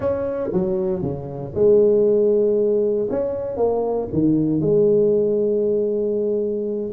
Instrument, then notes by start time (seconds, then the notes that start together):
tuba
0.00 C#4
0.53 F#3
1.02 C#3
1.54 G#3
3.10 C#4
3.56 A#3
4.12 D#3
4.60 G#3